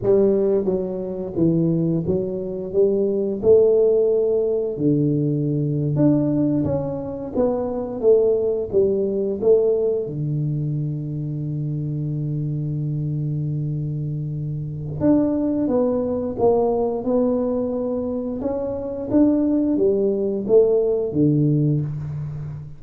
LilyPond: \new Staff \with { instrumentName = "tuba" } { \time 4/4 \tempo 4 = 88 g4 fis4 e4 fis4 | g4 a2 d4~ | d8. d'4 cis'4 b4 a16~ | a8. g4 a4 d4~ d16~ |
d1~ | d2 d'4 b4 | ais4 b2 cis'4 | d'4 g4 a4 d4 | }